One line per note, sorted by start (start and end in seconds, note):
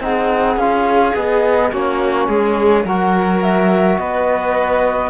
0.00 0.56 C4
0.00 0.58 D#4
0.00 1.72 G#4
0.00 0.59 F#5
0.56 1.13 C#4
0.56 1.14 F4
0.56 1.15 F5
1.14 1.72 B3
1.14 1.71 G#4
1.14 1.72 D#5
1.72 2.28 A#3
1.72 2.85 C#4
1.72 2.29 F#4
1.72 2.86 C#5
2.28 2.84 G#3
2.28 2.86 G#4
2.84 3.98 F#3
2.84 5.10 F#4
2.84 3.99 A#4
2.84 3.43 F#5
3.43 3.99 E5
3.98 5.10 B3
3.98 5.10 B4
3.98 5.10 D#5